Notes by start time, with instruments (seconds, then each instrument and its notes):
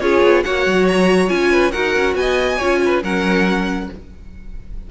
0.00 cello C#4, viola F4, violin G#4 C#5
0.22 cello B3
0.43 cello A#3, viola F#4, violin C#5 F#5
0.66 cello F#3
0.87 violin A#5
1.28 cello C#4, viola F4, violin G#5
1.51 violin B4
1.71 cello D#4, viola F#4, violin A#4 F#5
1.95 cello C#4
2.14 cello B3, violin D#5 G#5
2.57 cello C#4, viola F4, violin C#5
2.85 violin B4
3.03 cello F#3, viola C#4, violin A#4 F#5